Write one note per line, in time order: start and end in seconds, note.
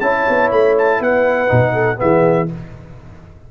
0.00 0.25 C#4
0.00 1.47 E4
0.00 1.01 C#5
0.00 0.50 A5
0.29 0.51 B3
0.51 1.00 A3
0.51 0.76 B5
0.78 1.02 A5
1.00 1.49 B3
1.00 1.73 B4
1.00 1.99 F#5
1.47 2.01 B2
1.47 1.96 D#4
1.73 1.98 A4
1.96 2.51 E3
1.96 2.46 B3
1.96 2.51 G#4
1.96 2.49 E5